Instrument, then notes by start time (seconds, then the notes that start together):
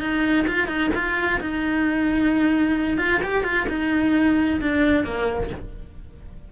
cello
0.00 D#4
0.47 F4
0.67 D#4
0.94 F4
1.40 D#4
2.98 F4
3.23 G4
3.44 F4
3.68 D#4
4.61 D4
5.04 A#3